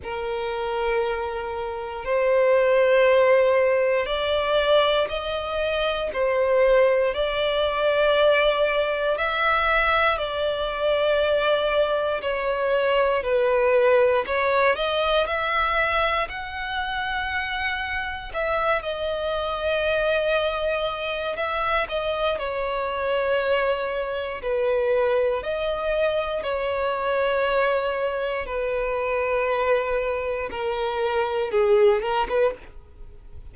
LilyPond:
\new Staff \with { instrumentName = "violin" } { \time 4/4 \tempo 4 = 59 ais'2 c''2 | d''4 dis''4 c''4 d''4~ | d''4 e''4 d''2 | cis''4 b'4 cis''8 dis''8 e''4 |
fis''2 e''8 dis''4.~ | dis''4 e''8 dis''8 cis''2 | b'4 dis''4 cis''2 | b'2 ais'4 gis'8 ais'16 b'16 | }